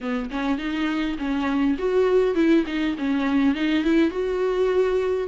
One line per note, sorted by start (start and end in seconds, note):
0.00 0.30 B3
0.30 0.57 C#4
0.57 1.16 D#4
1.18 1.77 C#4
1.78 2.34 F#4
2.34 2.64 E4
2.66 2.95 D#4
2.97 3.55 C#4
3.55 3.84 D#4
3.84 4.10 E4
4.10 5.28 F#4